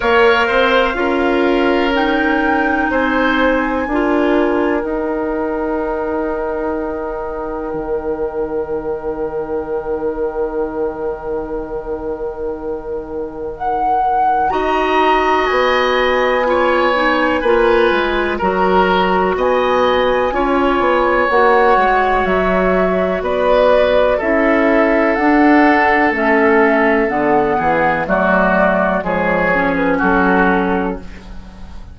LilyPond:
<<
  \new Staff \with { instrumentName = "flute" } { \time 4/4 \tempo 4 = 62 f''2 g''4 gis''4~ | gis''4 g''2.~ | g''1~ | g''2 fis''4 ais''4 |
gis''2. ais''4 | gis''2 fis''4 e''4 | d''4 e''4 fis''4 e''4 | fis''4 d''4 cis''8. b'16 a'4 | }
  \new Staff \with { instrumentName = "oboe" } { \time 4/4 cis''8 c''8 ais'2 c''4 | ais'1~ | ais'1~ | ais'2. dis''4~ |
dis''4 cis''4 b'4 ais'4 | dis''4 cis''2. | b'4 a'2.~ | a'8 gis'8 fis'4 gis'4 fis'4 | }
  \new Staff \with { instrumentName = "clarinet" } { \time 4/4 ais'4 f'4 dis'2 | f'4 dis'2.~ | dis'1~ | dis'2. fis'4~ |
fis'4 f'8 dis'8 f'4 fis'4~ | fis'4 f'4 fis'2~ | fis'4 e'4 d'4 cis'4 | b4 a4 gis8 cis'4. | }
  \new Staff \with { instrumentName = "bassoon" } { \time 4/4 ais8 c'8 cis'2 c'4 | d'4 dis'2. | dis1~ | dis2. dis'4 |
b2 ais8 gis8 fis4 | b4 cis'8 b8 ais8 gis8 fis4 | b4 cis'4 d'4 a4 | d8 e8 fis4 f4 fis4 | }
>>